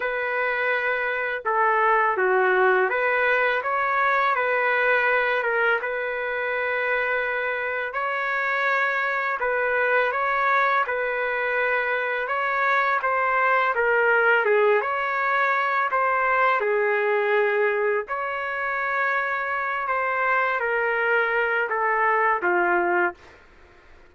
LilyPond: \new Staff \with { instrumentName = "trumpet" } { \time 4/4 \tempo 4 = 83 b'2 a'4 fis'4 | b'4 cis''4 b'4. ais'8 | b'2. cis''4~ | cis''4 b'4 cis''4 b'4~ |
b'4 cis''4 c''4 ais'4 | gis'8 cis''4. c''4 gis'4~ | gis'4 cis''2~ cis''8 c''8~ | c''8 ais'4. a'4 f'4 | }